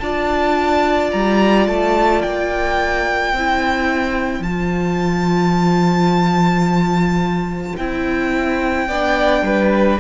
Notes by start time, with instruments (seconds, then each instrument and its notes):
0.00 cello D4, viola F4, violin D5 A5
1.12 cello G3, violin A#5
1.68 cello A3, violin A5
2.22 cello A#3, violin G5
3.34 cello C4, viola E4, violin C5
4.40 cello F3, viola F4, violin A5
7.77 cello C4, viola E4, violin G5
8.89 cello B3, viola D4, violin D5
9.43 cello G3, violin B4